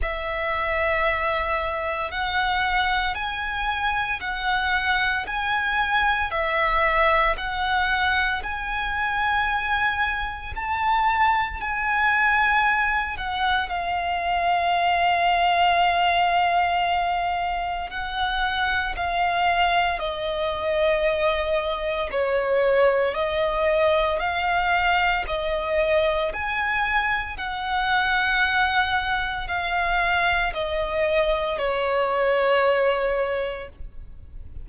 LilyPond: \new Staff \with { instrumentName = "violin" } { \time 4/4 \tempo 4 = 57 e''2 fis''4 gis''4 | fis''4 gis''4 e''4 fis''4 | gis''2 a''4 gis''4~ | gis''8 fis''8 f''2.~ |
f''4 fis''4 f''4 dis''4~ | dis''4 cis''4 dis''4 f''4 | dis''4 gis''4 fis''2 | f''4 dis''4 cis''2 | }